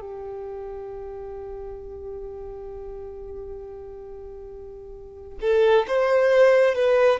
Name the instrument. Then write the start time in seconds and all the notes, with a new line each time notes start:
violin
0.00 G4
5.41 A4
5.87 C5
6.74 B4